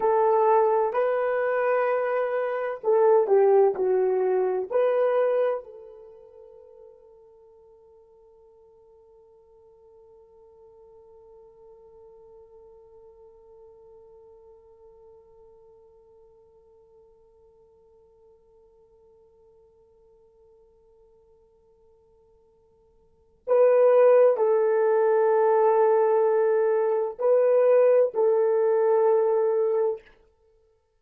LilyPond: \new Staff \with { instrumentName = "horn" } { \time 4/4 \tempo 4 = 64 a'4 b'2 a'8 g'8 | fis'4 b'4 a'2~ | a'1~ | a'1~ |
a'1~ | a'1~ | a'4 b'4 a'2~ | a'4 b'4 a'2 | }